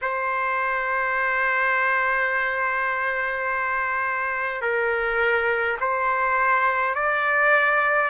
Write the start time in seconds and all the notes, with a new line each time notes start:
0.01 C5
4.62 A#4
5.80 C5
6.94 D5